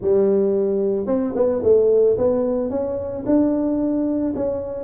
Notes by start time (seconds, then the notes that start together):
0.01 G3
1.06 C4
1.35 B3
1.63 A3
2.17 B3
2.70 C#4
3.26 D4
4.35 C#4